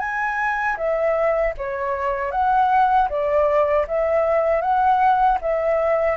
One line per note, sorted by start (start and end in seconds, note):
0.00 0.77 G#5
0.77 1.54 E5
1.58 2.32 C#5
2.32 3.09 F#5
3.10 3.87 D5
3.88 4.62 E5
4.62 5.39 F#5
5.42 6.17 E5